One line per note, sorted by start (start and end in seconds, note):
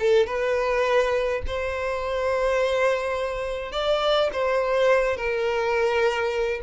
0.00 0.27 A4
0.27 1.42 B4
1.47 3.73 C5
3.73 4.30 D5
4.33 5.17 C5
5.17 6.61 A#4